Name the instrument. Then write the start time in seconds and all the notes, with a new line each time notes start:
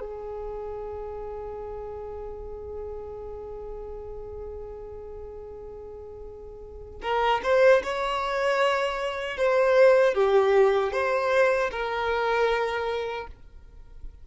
violin
0.00 G#4
7.02 A#4
7.43 C5
7.83 C#5
9.37 C5
10.14 G4
10.92 C5
11.71 A#4